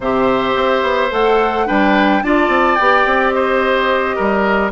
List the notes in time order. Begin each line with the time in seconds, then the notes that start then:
0.00 C3 G4 C5 E5
0.55 C4
0.82 B3
1.11 A3 A4 F#5
1.66 G3 D4 B4 G5
2.22 D4 F4 D5 A5
2.48 C4
2.75 B3 G4 G5
3.05 C4
3.31 C5 D#5
4.15 G3 A#4